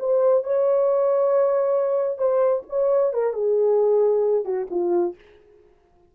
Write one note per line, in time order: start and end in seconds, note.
0.00 0.44 C5
0.44 2.19 C#5
2.19 2.63 C5
2.69 3.14 C#5
3.14 3.33 A#4
3.33 4.45 G#4
4.45 4.68 F#4
4.71 5.16 F4